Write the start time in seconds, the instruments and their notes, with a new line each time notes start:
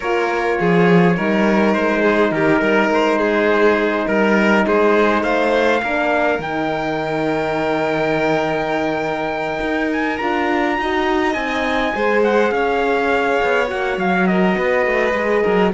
0.00 cello A#3, horn F4, violin A#4, trumpet C#5
0.59 cello F3, violin G#4
1.16 cello G3, horn D#4, violin A#4
1.73 cello G#3, trumpet C5
2.01 violin G#4
2.31 cello D#3, violin G4, trumpet A#4
2.61 cello G3, violin A#4
2.89 cello G#3, trumpet C5
3.18 violin G#4
4.07 cello G3, violin A#4, trumpet A#4
4.66 cello G#3, violin G#4, trumpet C5
5.23 cello A3, violin C5, trumpet F5
5.82 cello A#3, horn D4, violin A#4
6.39 cello D#3, horn D#4, trumpet G5
9.60 cello D#4
9.92 trumpet G#5
10.17 cello D4, horn F4, trumpet A#5
10.77 cello D#4, horn F#4, violin D#5
11.33 cello C4, horn D#4, trumpet G#5
11.93 cello G#3, horn G#4, violin C5
12.23 trumpet F#5
12.51 cello C#4, violin C#5, trumpet F5
13.42 cello B3
13.67 cello A#3, horn F#4, trumpet F#5
13.97 cello F#3, trumpet F5
14.27 violin A#4, trumpet D#5
14.57 cello B3, violin B4
14.86 cello A3
15.13 cello G#3, horn G#4
15.43 cello F#3, violin A#4